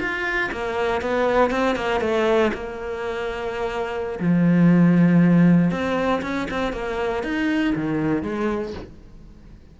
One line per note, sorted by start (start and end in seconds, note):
0.00 0.51 F4
0.52 1.01 A#3
1.01 1.51 B3
1.51 1.76 C4
1.76 2.01 A#3
2.01 2.51 A3
2.54 4.19 A#3
4.20 5.71 F3
5.71 6.22 C4
6.22 6.48 C#4
6.51 6.73 C4
6.73 7.23 A#3
7.23 7.74 D#4
7.76 8.23 D#3
8.23 8.73 G#3